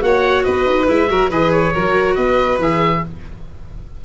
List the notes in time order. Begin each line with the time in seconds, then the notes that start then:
0.00 A#3 F#4 C#5 F#5
0.43 B3 B4 D#5
0.66 D#4
0.86 G#3 E4 E5
1.09 F#3 F#4 A#4
1.30 E3 G#4 B4 D#5
1.51 C#5
1.73 F#3 F#4 A#4
2.15 B3 B4 D#5
2.58 E3 G#4 E5